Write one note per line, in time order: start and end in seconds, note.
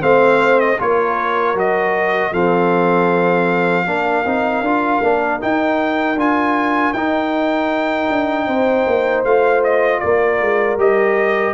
0.00 0.79 A3
0.00 0.77 C4
0.00 0.78 C5
0.00 0.59 F5
0.59 0.79 D#5
0.79 1.54 A#3
0.79 1.55 F4
0.79 2.32 A#4
0.79 1.58 C#5
1.54 2.31 F#3
1.54 2.32 F#4
1.54 2.33 D#5
2.32 3.85 F3
2.32 3.86 C4
2.32 3.85 A4
2.32 5.41 F5
3.85 4.24 A#3
3.85 4.24 D4
3.85 8.46 A#4
4.25 4.61 C4
4.25 4.64 D#4
4.61 4.99 D4
4.61 5.03 F4
5.01 5.40 A#3
5.01 5.39 D4
5.39 6.16 D#4
5.39 6.15 D#4
5.39 6.19 G5
6.15 6.92 D4
6.15 6.94 F4
6.15 6.93 G#5
6.93 8.08 D#4
6.93 9.26 D#4
6.93 9.23 G5
8.09 8.47 D4
8.46 8.86 C4
8.46 10.00 C5
8.86 9.24 A#3
9.24 10.01 A3
9.24 10.79 F4
9.24 9.63 F5
9.63 10.00 D#5
10.00 10.41 A#3
10.00 11.53 A#4
10.00 10.76 D5
10.41 10.77 G#3
10.77 11.53 G3
10.77 11.53 G4
10.77 11.53 D#5